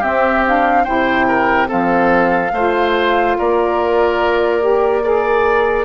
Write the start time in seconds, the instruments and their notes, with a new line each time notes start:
0.00 saxophone C4, bassoon C4, oboe G4, flute E5
0.46 saxophone D4, flute F5
0.85 bassoon C3, saxophone E4, oboe C5, flute G5
1.28 oboe A#4
1.67 bassoon F3, saxophone C4, oboe A4, flute F5
2.53 bassoon A3, saxophone F4, oboe C5
3.39 bassoon A#3, oboe A#4, flute D5
4.61 saxophone G4
5.03 saxophone G#4, flute A#4, oboe D5